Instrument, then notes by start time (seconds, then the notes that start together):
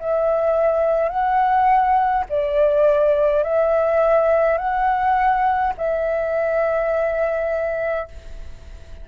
flute
0.00 E5
1.10 F#5
2.30 D5
3.44 E5
4.58 F#5
5.78 E5